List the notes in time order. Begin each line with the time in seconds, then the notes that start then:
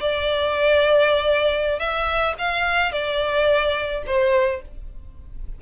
0.00 D5
1.79 E5
2.38 F5
2.92 D5
4.06 C5